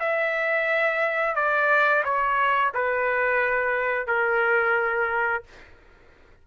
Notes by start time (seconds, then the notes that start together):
0.00 E5
1.35 D5
2.05 C#5
2.74 B4
4.07 A#4